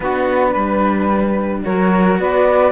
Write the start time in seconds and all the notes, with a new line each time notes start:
0.00 B3 D4 F#4 B4
0.50 G3 B4
1.64 F#3 F#4 A#4 C#5
2.18 B3 B4 D5